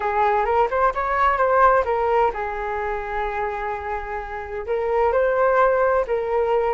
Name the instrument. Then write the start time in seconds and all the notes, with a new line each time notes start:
flute
0.00 G#4
0.45 A#4
0.70 C5
0.94 C#5
1.37 C5
1.85 A#4
2.33 G#4
4.66 A#4
5.12 C5
6.07 A#4